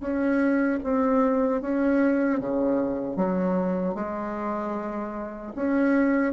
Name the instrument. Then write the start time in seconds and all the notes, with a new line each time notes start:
bassoon
0.00 C#4
0.83 C4
1.61 C#4
2.39 C#3
3.16 F#3
3.94 G#3
5.55 C#4